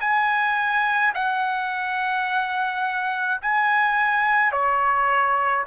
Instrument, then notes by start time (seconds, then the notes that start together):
trumpet
0.00 G#5
1.14 F#5
3.42 G#5
4.52 C#5